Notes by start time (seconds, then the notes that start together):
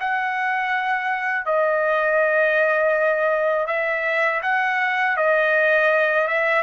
0.00 F#5
1.46 D#5
3.67 E5
4.43 F#5
5.17 D#5
6.28 E5